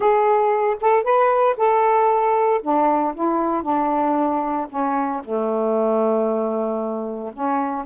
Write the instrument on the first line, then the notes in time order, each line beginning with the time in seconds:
saxophone
0.00 G#4
0.80 A4
1.03 B4
1.57 A4
2.62 D4
3.14 E4
3.63 D4
4.69 C#4
5.24 A3
7.33 C#4